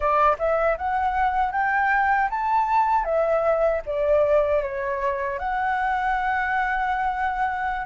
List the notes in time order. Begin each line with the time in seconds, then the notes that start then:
0.00 D5
0.38 E5
0.77 F#5
1.52 G5
2.29 A5
3.04 E5
3.85 D5
4.62 C#5
5.38 F#5